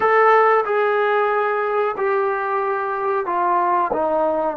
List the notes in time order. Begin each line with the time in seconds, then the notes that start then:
0.00 A4
0.65 G#4
1.97 G4
3.25 F4
3.92 D#4